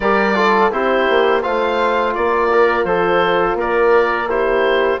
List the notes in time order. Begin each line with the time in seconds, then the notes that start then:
0.00 G3 G4 A#4 D5
0.35 F4 A4
0.71 C4 E4 G4 C5
1.09 A#3
1.42 A3 F4 C5 F5
2.14 A#3 F4 D5
2.51 A#4
2.84 F3 A4 C5
3.54 A#3 A#4
3.60 D5
4.29 E4 G4 C5